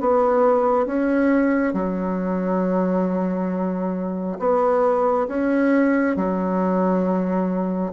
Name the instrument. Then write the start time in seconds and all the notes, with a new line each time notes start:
bassoon
0.00 B3
0.86 C#4
1.73 F#3
4.39 B3
5.27 C#4
6.16 F#3